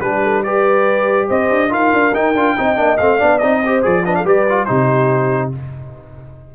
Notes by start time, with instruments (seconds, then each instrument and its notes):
0.00 tuba G3, trombone D4, horn G4, trumpet B4
0.23 horn A4
0.44 trombone G4, horn B4, trumpet D5
1.27 tuba C4, horn C5, trumpet D#5
1.50 tuba D4
1.70 tuba D#4, trombone F4, horn A#4, trumpet F5
1.93 tuba D4
2.14 trombone D#4, tuba D#4, trumpet G5
2.35 tuba D4, trombone F4
2.57 tuba C4, trombone D#4, horn D#5
2.76 tuba A#3, trombone D4
2.97 tuba A3, trombone C4, trumpet F5
3.18 tuba B3, trombone D4, horn D5
3.39 tuba C4, trombone D#4, trumpet D#5
3.61 trombone G4, horn C5
3.83 tuba F3, trombone G#4, trumpet D5
4.05 trombone D4, horn B4, trumpet D#5
4.15 horn A4, trumpet F5
4.25 tuba G3, trombone G4, horn B4, trumpet D5
4.49 trombone F4
4.66 tuba C3, trombone D#4, horn G4, trumpet C5